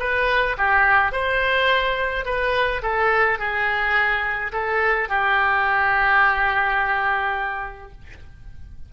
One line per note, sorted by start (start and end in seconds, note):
0.00 0.57 B4
0.58 1.12 G4
1.12 2.26 C5
2.26 2.82 B4
2.83 3.39 A4
3.39 4.52 G#4
4.53 5.09 A4
5.09 7.92 G4